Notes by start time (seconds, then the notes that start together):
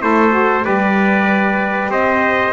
0.00 A3 E4 A4 C5
0.31 F#4
0.62 G3 G4 B4 D5
1.89 C4 C5 D#5